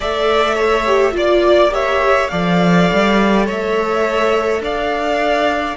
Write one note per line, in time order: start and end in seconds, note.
0.00 1.15 A3
0.00 0.86 A4
0.00 0.55 D5
0.00 1.16 E5
0.55 1.12 C#5
0.86 1.12 G4
1.12 2.30 A#3
1.12 1.69 F4
1.12 1.73 D5
1.12 1.74 D5
1.71 2.28 G4
1.71 2.30 C#5
1.71 2.28 E5
2.28 2.90 F3
2.28 5.77 A4
2.28 3.45 D5
2.28 3.43 F5
2.92 3.48 G3
3.46 4.60 A3
3.46 4.61 C#5
3.46 4.62 E5
4.60 5.75 D4
4.60 5.77 D5
4.60 5.77 F5